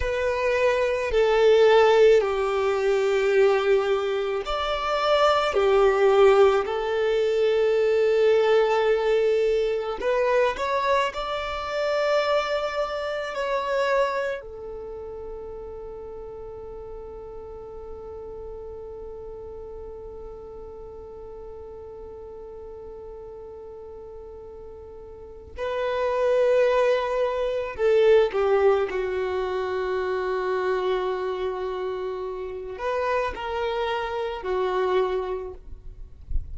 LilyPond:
\new Staff \with { instrumentName = "violin" } { \time 4/4 \tempo 4 = 54 b'4 a'4 g'2 | d''4 g'4 a'2~ | a'4 b'8 cis''8 d''2 | cis''4 a'2.~ |
a'1~ | a'2. b'4~ | b'4 a'8 g'8 fis'2~ | fis'4. b'8 ais'4 fis'4 | }